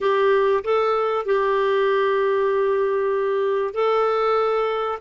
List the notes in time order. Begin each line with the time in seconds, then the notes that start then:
0.01 G4
0.64 A4
1.25 G4
3.73 A4